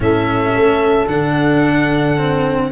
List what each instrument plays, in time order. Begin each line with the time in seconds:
0.00 tuba A2, cello C#4, horn A4, violin E5
0.55 tuba A3
1.07 tuba D3, cello D4, violin F#5
2.17 cello C4